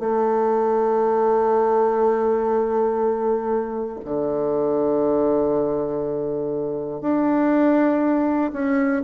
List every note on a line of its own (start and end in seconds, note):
0.00 4.00 A3
4.05 7.01 D3
7.01 8.51 D4
8.53 9.03 C#4